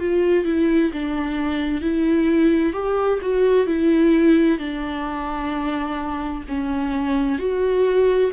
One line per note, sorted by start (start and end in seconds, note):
0.00 0.45 F4
0.45 0.91 E4
0.93 1.81 D4
1.81 2.73 E4
2.73 3.19 G4
3.22 3.67 F#4
3.67 4.59 E4
4.59 6.43 D4
6.48 7.39 C#4
7.39 8.31 F#4